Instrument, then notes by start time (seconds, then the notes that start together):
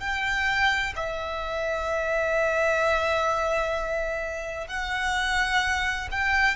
violin
0.00 G5
0.96 E5
4.68 F#5
6.12 G5